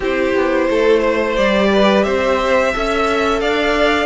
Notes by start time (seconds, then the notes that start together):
0.00 C4 E4 G4 C5
0.34 B3
0.69 A3 A4
0.99 C5
1.36 G3 G4 D5
1.71 B4
2.03 C4 C5 E5
2.73 C#4 A4 E5
3.40 D4 D5 F5